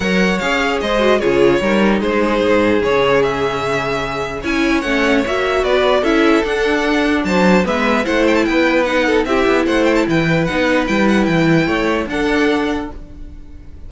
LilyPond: <<
  \new Staff \with { instrumentName = "violin" } { \time 4/4 \tempo 4 = 149 fis''4 f''4 dis''4 cis''4~ | cis''4 c''2 cis''4 | e''2. gis''4 | fis''4 e''4 d''4 e''4 |
fis''2 a''4 e''4 | fis''8 g''16 a''16 g''4 fis''4 e''4 | fis''8 g''16 a''16 g''4 fis''4 g''8 fis''8 | g''2 fis''2 | }
  \new Staff \with { instrumentName = "violin" } { \time 4/4 cis''2 c''4 gis'4 | ais'4 gis'2.~ | gis'2. cis''4~ | cis''2 b'4 a'4~ |
a'2 c''4 b'4 | c''4 b'4. a'8 g'4 | c''4 b'2.~ | b'4 cis''4 a'2 | }
  \new Staff \with { instrumentName = "viola" } { \time 4/4 ais'4 gis'4. fis'8 f'4 | dis'2. cis'4~ | cis'2. e'4 | cis'4 fis'2 e'4 |
d'2. b4 | e'2 dis'4 e'4~ | e'2 dis'4 e'4~ | e'2 d'2 | }
  \new Staff \with { instrumentName = "cello" } { \time 4/4 fis4 cis'4 gis4 cis4 | g4 gis4 gis,4 cis4~ | cis2. cis'4 | a4 ais4 b4 cis'4 |
d'2 fis4 gis4 | a4 b2 c'8 b8 | a4 e4 b4 g4 | e4 a4 d'2 | }
>>